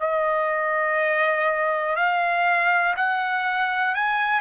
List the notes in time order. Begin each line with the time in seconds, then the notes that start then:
0.00 D#5
1.96 F5
2.96 F#5
3.95 G#5